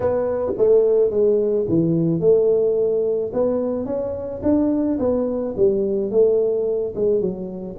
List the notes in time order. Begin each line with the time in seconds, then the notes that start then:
0.00 B3
0.57 A3
1.10 G#3
1.68 E3
2.20 A3
3.33 B3
3.85 C#4
4.42 D4
4.99 B3
5.56 G3
6.10 A3
6.95 G#3
7.20 F#3